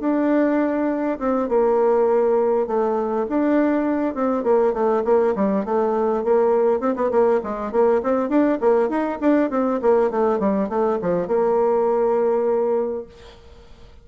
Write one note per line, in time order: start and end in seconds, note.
0.00 1.19 D4
1.19 1.49 C4
1.49 2.67 A#3
2.67 3.26 A3
3.29 4.15 D4
4.15 4.44 C4
4.44 4.73 A#3
4.74 5.03 A3
5.05 5.35 A#3
5.35 5.65 G3
5.65 6.24 A3
6.24 6.80 A#3
6.80 6.95 C4
6.96 7.11 B3
7.11 7.41 A#3
7.44 7.72 G#3
7.72 8.02 A#3
8.03 8.29 C4
8.29 8.59 D4
8.61 8.89 A#3
8.89 9.19 D#4
9.21 9.50 D4
9.50 9.80 C4
9.82 10.11 A#3
10.11 10.40 A3
10.40 10.69 G3
10.69 10.99 A3
11.02 11.28 F3
11.28 13.06 A#3